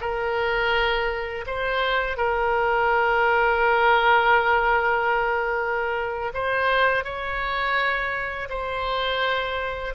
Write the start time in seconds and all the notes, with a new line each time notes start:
0.00 A#4
1.46 C5
2.17 A#4
6.34 C5
7.04 C#5
8.49 C5